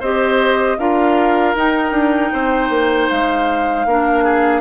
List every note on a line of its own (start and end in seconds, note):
0.00 0.77 C4
0.00 0.78 G4
0.00 0.77 C5
0.00 0.78 D#5
0.78 1.54 D4
0.78 1.55 F4
0.78 2.32 A#4
0.78 1.55 F5
1.55 1.91 D#4
1.55 3.87 D#4
1.55 3.09 G5
1.91 2.30 D4
2.32 2.69 C4
2.32 3.86 C5
2.69 3.08 A#3
3.09 3.85 G#3
3.09 4.61 F5
3.85 4.61 A#3
3.85 4.61 D4
3.85 4.23 A#4
4.23 4.61 G#4